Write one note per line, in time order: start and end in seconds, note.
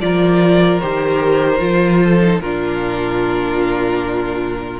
0.00 0.80 F3
0.00 0.81 F4
0.00 2.03 A#4
0.00 0.79 D5
0.79 1.59 D#3
0.79 1.58 G4
0.79 2.39 C5
1.58 2.39 F3
1.58 2.18 F4
2.03 2.42 A4
2.21 2.41 D#4
2.40 4.79 A#2
2.40 4.79 D4
2.40 4.79 F4
2.40 4.79 A#4